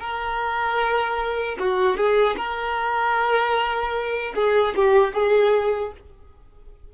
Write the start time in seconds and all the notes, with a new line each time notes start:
0.00 A#4
1.58 F#4
1.96 G#4
2.36 A#4
4.35 G#4
4.75 G4
5.14 G#4